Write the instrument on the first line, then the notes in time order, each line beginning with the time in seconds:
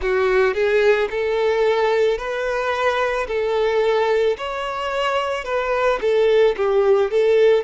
violin
0.01 F#4
0.54 G#4
1.10 A4
2.18 B4
3.27 A4
4.37 C#5
5.44 B4
6.00 A4
6.57 G4
7.11 A4